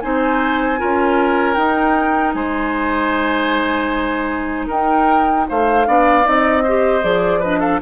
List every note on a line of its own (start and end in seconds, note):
0.00 0.81 C4
0.00 0.78 D#4
0.00 0.79 C5
0.00 1.54 G#5
0.78 1.56 C#4
0.78 1.56 F4
0.78 2.35 A#4
1.54 5.84 D#4
1.54 2.34 D#4
1.54 2.32 G5
2.33 4.68 G#3
2.33 4.67 C5
2.33 4.67 G#5
4.67 5.47 D#4
4.67 5.45 A#4
4.67 5.48 G5
5.49 5.87 A3
5.49 5.87 C5
5.49 6.27 F5
5.86 6.25 B3
5.86 6.23 D4
5.86 6.63 D5
6.23 7.03 C4
6.23 6.62 D#4
6.23 7.04 D#5
6.63 7.01 G4
6.63 7.39 C5
7.01 7.81 F3
7.01 7.40 G#4
7.01 7.42 D5
7.39 7.81 D4
7.39 7.58 B4
7.39 7.60 D#5
7.60 7.79 A4
7.60 7.80 F5